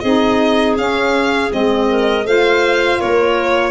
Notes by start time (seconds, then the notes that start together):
0.00 C4 D#4 G#4 D#5
0.77 C#4 F5
1.49 G#3 C4 D#5
1.89 A#4
2.25 A3 F4 C5 F5
3.00 A#3 A#4 C#5